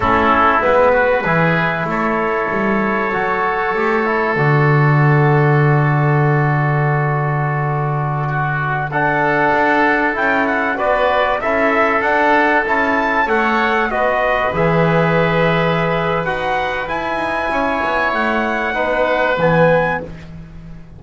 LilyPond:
<<
  \new Staff \with { instrumentName = "trumpet" } { \time 4/4 \tempo 4 = 96 a'4 b'2 cis''4~ | cis''2. d''4~ | d''1~ | d''2~ d''16 fis''4.~ fis''16~ |
fis''16 g''8 fis''8 d''4 e''4 fis''8.~ | fis''16 a''4 fis''4 dis''4 e''8.~ | e''2 fis''4 gis''4~ | gis''4 fis''2 gis''4 | }
  \new Staff \with { instrumentName = "oboe" } { \time 4/4 e'4. fis'8 gis'4 a'4~ | a'1~ | a'1~ | a'4~ a'16 fis'4 a'4.~ a'16~ |
a'4~ a'16 b'4 a'4.~ a'16~ | a'4~ a'16 cis''4 b'4.~ b'16~ | b'1 | cis''2 b'2 | }
  \new Staff \with { instrumentName = "trombone" } { \time 4/4 cis'4 b4 e'2~ | e'4 fis'4 g'8 e'8 fis'4~ | fis'1~ | fis'2~ fis'16 d'4.~ d'16~ |
d'16 e'4 fis'4 e'4 d'8.~ | d'16 e'4 a'4 fis'4 gis'8.~ | gis'2 fis'4 e'4~ | e'2 dis'4 b4 | }
  \new Staff \with { instrumentName = "double bass" } { \time 4/4 a4 gis4 e4 a4 | g4 fis4 a4 d4~ | d1~ | d2.~ d16 d'8.~ |
d'16 cis'4 b4 cis'4 d'8.~ | d'16 cis'4 a4 b4 e8.~ | e2 dis'4 e'8 dis'8 | cis'8 b8 a4 b4 e4 | }
>>